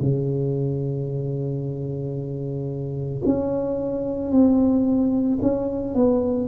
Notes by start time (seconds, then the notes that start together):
0.00 C#3
3.25 C#4
4.31 C4
5.42 C#4
5.95 B3